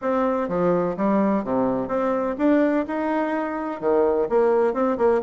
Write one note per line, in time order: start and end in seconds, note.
0.01 0.48 C4
0.48 0.95 F3
0.96 1.44 G3
1.44 1.88 C3
1.88 2.35 C4
2.38 2.85 D4
2.87 3.80 D#4
3.80 4.28 D#3
4.29 4.73 A#3
4.73 4.97 C4
4.97 5.21 A#3